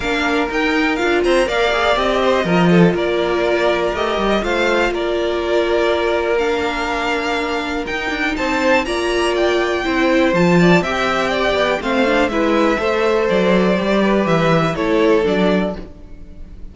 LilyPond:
<<
  \new Staff \with { instrumentName = "violin" } { \time 4/4 \tempo 4 = 122 f''4 g''4 f''8 ais''8 f''4 | dis''2 d''2 | dis''4 f''4 d''2~ | d''4 f''2. |
g''4 a''4 ais''4 g''4~ | g''4 a''4 g''2 | f''4 e''2 d''4~ | d''4 e''4 cis''4 d''4 | }
  \new Staff \with { instrumentName = "violin" } { \time 4/4 ais'2~ ais'8 c''8 d''4~ | d''8 c''8 ais'8 a'8 ais'2~ | ais'4 c''4 ais'2~ | ais'1~ |
ais'4 c''4 d''2 | c''4. d''8 e''4 d''4 | c''4 b'4 c''2~ | c''8 b'4. a'2 | }
  \new Staff \with { instrumentName = "viola" } { \time 4/4 d'4 dis'4 f'4 ais'8 gis'8 | g'4 f'2. | g'4 f'2.~ | f'4 d'2. |
dis'2 f'2 | e'4 f'4 g'2 | c'8 d'8 e'4 a'2 | g'2 e'4 d'4 | }
  \new Staff \with { instrumentName = "cello" } { \time 4/4 ais4 dis'4 d'8 c'8 ais4 | c'4 f4 ais2 | a8 g8 a4 ais2~ | ais1 |
dis'8 d'8 c'4 ais2 | c'4 f4 c'4. b8 | a4 gis4 a4 fis4 | g4 e4 a4 fis4 | }
>>